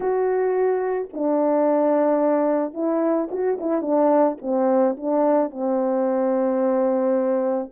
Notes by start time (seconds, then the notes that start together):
0.00 F#4
1.13 D4
2.73 E4
3.31 F#4
3.60 E4
3.81 D4
4.41 C4
4.96 D4
5.50 C4